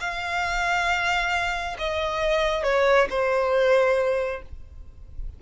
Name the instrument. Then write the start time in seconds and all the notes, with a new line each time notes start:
violin
0.00 F5
1.78 D#5
2.64 C#5
3.10 C5